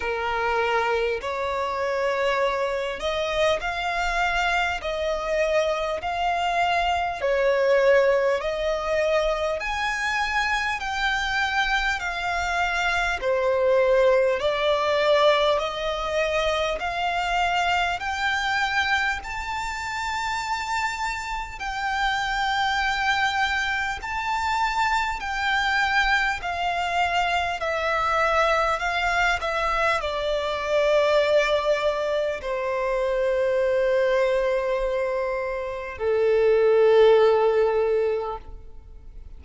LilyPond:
\new Staff \with { instrumentName = "violin" } { \time 4/4 \tempo 4 = 50 ais'4 cis''4. dis''8 f''4 | dis''4 f''4 cis''4 dis''4 | gis''4 g''4 f''4 c''4 | d''4 dis''4 f''4 g''4 |
a''2 g''2 | a''4 g''4 f''4 e''4 | f''8 e''8 d''2 c''4~ | c''2 a'2 | }